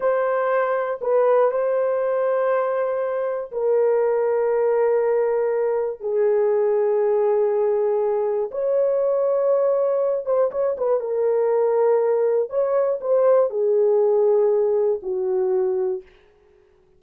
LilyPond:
\new Staff \with { instrumentName = "horn" } { \time 4/4 \tempo 4 = 120 c''2 b'4 c''4~ | c''2. ais'4~ | ais'1 | gis'1~ |
gis'4 cis''2.~ | cis''8 c''8 cis''8 b'8 ais'2~ | ais'4 cis''4 c''4 gis'4~ | gis'2 fis'2 | }